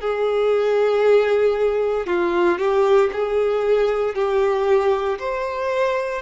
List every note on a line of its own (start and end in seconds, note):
0.00 2.06 G#4
2.06 2.58 F4
2.58 3.10 G4
3.13 4.15 G#4
4.15 5.18 G4
5.19 6.22 C5